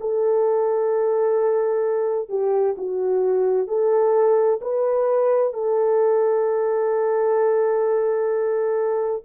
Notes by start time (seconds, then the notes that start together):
0.00 A4
2.29 G4
2.77 F#4
3.67 A4
4.61 B4
5.53 A4